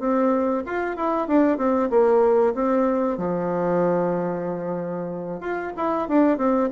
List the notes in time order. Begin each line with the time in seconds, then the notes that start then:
0.00 C4
0.66 F4
0.97 E4
1.28 D4
1.58 C4
1.90 A#3
2.55 C4
3.18 F3
5.41 F4
5.77 E4
6.09 D4
6.38 C4